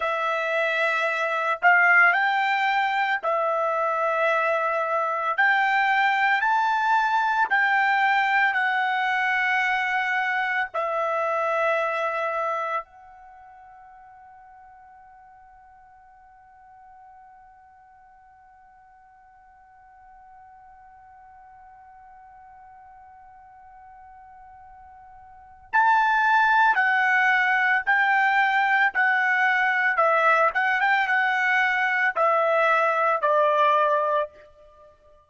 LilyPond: \new Staff \with { instrumentName = "trumpet" } { \time 4/4 \tempo 4 = 56 e''4. f''8 g''4 e''4~ | e''4 g''4 a''4 g''4 | fis''2 e''2 | fis''1~ |
fis''1~ | fis''1 | a''4 fis''4 g''4 fis''4 | e''8 fis''16 g''16 fis''4 e''4 d''4 | }